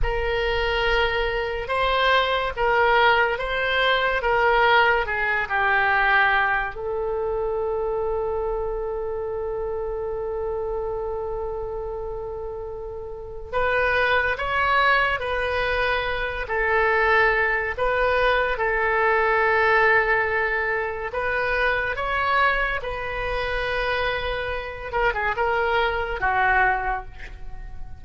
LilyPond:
\new Staff \with { instrumentName = "oboe" } { \time 4/4 \tempo 4 = 71 ais'2 c''4 ais'4 | c''4 ais'4 gis'8 g'4. | a'1~ | a'1 |
b'4 cis''4 b'4. a'8~ | a'4 b'4 a'2~ | a'4 b'4 cis''4 b'4~ | b'4. ais'16 gis'16 ais'4 fis'4 | }